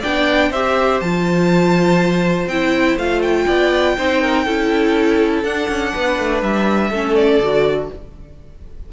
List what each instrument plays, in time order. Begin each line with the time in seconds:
0.00 cello B3, viola D4, violin D5 G5
0.50 cello C4, viola G4, violin C5 E5
1.00 cello F3, viola F4, violin A5
2.47 cello C4, viola E4, violin G5
2.96 cello A3, viola F4, violin F5
3.22 violin G5
3.46 cello B3, violin D5
3.98 cello C4, viola D#4, violin C5
4.22 violin A#4
4.45 cello C#4, viola E4, violin A4
5.43 cello D4, viola D4, violin F#5
5.69 cello C#4
5.93 cello B3, violin B4
6.19 cello A3
6.42 cello G3, violin E5
6.90 cello A3, viola C#4, violin A4
7.15 violin D5
7.40 cello D3, viola F#4